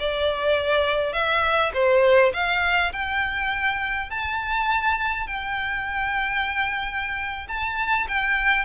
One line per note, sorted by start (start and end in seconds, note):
0.00 1.13 D5
1.13 1.72 E5
1.74 2.33 C5
2.34 2.93 F5
2.93 4.11 G5
4.11 5.27 A5
5.27 7.48 G5
7.48 8.07 A5
8.08 8.66 G5